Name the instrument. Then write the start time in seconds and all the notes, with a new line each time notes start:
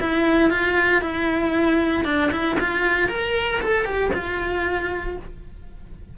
cello
0.00 E4
0.50 F4
1.01 E4
2.05 D4
2.31 E4
2.60 F4
3.09 A#4
3.61 A4
3.85 G4
4.14 F4